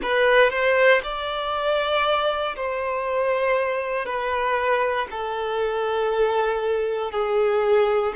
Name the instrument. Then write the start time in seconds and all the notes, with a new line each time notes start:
violin
0.02 B4
0.49 C5
1.03 D5
2.56 C5
4.05 B4
5.10 A4
7.11 G#4